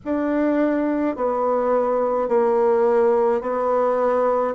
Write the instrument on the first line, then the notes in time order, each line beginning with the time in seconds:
bassoon
0.05 D4
1.16 B3
2.28 A#3
3.41 B3